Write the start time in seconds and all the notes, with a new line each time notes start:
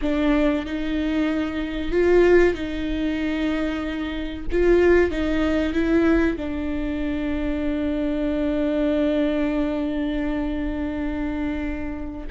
0.01 D4
0.65 D#4
1.91 F4
2.54 D#4
4.51 F4
5.11 D#4
5.73 E4
6.37 D4